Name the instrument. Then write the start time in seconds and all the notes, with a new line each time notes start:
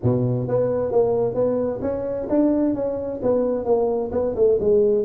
tuba
0.02 B2
0.48 B3
0.91 A#3
1.34 B3
1.81 C#4
2.29 D4
2.74 C#4
3.22 B3
3.64 A#3
4.11 B3
4.35 A3
4.60 G#3